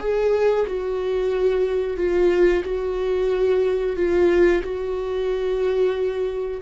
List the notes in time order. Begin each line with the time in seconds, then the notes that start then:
0.00 G#4
0.67 F#4
1.97 F4
2.64 F#4
3.96 F4
4.63 F#4